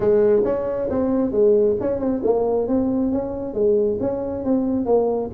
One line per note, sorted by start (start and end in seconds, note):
0.00 0.42 G#3
0.44 0.89 C#4
0.90 1.31 C4
1.31 1.76 G#3
1.80 1.99 C#4
1.99 2.21 C4
2.23 2.67 A#3
2.67 3.12 C4
3.12 3.53 C#4
3.53 3.98 G#3
4.00 4.44 C#4
4.44 4.85 C4
4.85 5.30 A#3